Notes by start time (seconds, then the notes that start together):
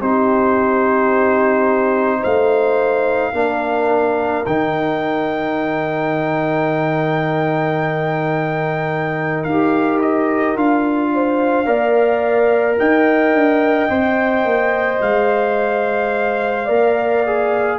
0.00 C4 D#4 G4 C5
2.19 A3 C5 F5
3.33 A#3 D4 A#4
4.46 D#3 D#4 G5
9.43 D#4 G4 F5
10.01 D#5
10.55 D4 F4 F5
11.14 C5
11.65 A#3 A#4 D5
12.78 D#4 D#5 G5
13.33 D4
13.89 C4 C5
14.44 A#3
15.01 G#3 F5
16.64 A#3 A#4 D5
17.25 G#4